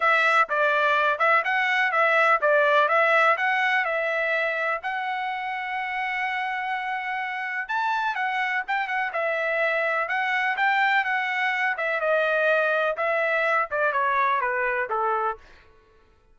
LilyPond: \new Staff \with { instrumentName = "trumpet" } { \time 4/4 \tempo 4 = 125 e''4 d''4. e''8 fis''4 | e''4 d''4 e''4 fis''4 | e''2 fis''2~ | fis''1 |
a''4 fis''4 g''8 fis''8 e''4~ | e''4 fis''4 g''4 fis''4~ | fis''8 e''8 dis''2 e''4~ | e''8 d''8 cis''4 b'4 a'4 | }